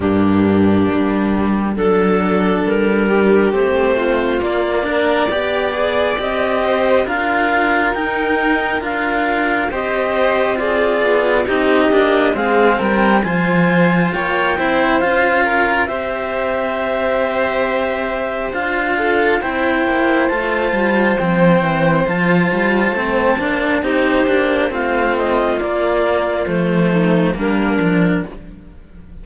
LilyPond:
<<
  \new Staff \with { instrumentName = "clarinet" } { \time 4/4 \tempo 4 = 68 g'2 a'4 ais'4 | c''4 d''2 dis''4 | f''4 g''4 f''4 dis''4 | d''4 dis''4 f''8 g''8 gis''4 |
g''4 f''4 e''2~ | e''4 f''4 g''4 a''4 | g''4 a''2 c''4 | f''8 dis''8 d''4 c''4 ais'4 | }
  \new Staff \with { instrumentName = "violin" } { \time 4/4 d'2 a'4. g'8~ | g'8 f'4 ais'8 d''4. c''8 | ais'2. c''4 | gis'4 g'4 gis'8 ais'8 c''4 |
cis''8 c''4 ais'8 c''2~ | c''4. a'8 c''2~ | c''2. g'4 | f'2~ f'8 dis'8 d'4 | }
  \new Staff \with { instrumentName = "cello" } { \time 4/4 ais2 d'2 | c'4 ais8 d'8 g'8 gis'8 g'4 | f'4 dis'4 f'4 g'4 | f'4 dis'8 d'8 c'4 f'4~ |
f'8 e'8 f'4 g'2~ | g'4 f'4 e'4 f'4 | c'4 f'4 c'8 d'8 dis'8 d'8 | c'4 ais4 a4 ais8 d'8 | }
  \new Staff \with { instrumentName = "cello" } { \time 4/4 g,4 g4 fis4 g4 | a4 ais4 b4 c'4 | d'4 dis'4 d'4 c'4~ | c'8 b8 c'8 ais8 gis8 g8 f4 |
ais8 c'8 cis'4 c'2~ | c'4 d'4 c'8 ais8 a8 g8 | f8 e8 f8 g8 a8 ais8 c'8 ais8 | a4 ais4 f4 g8 f8 | }
>>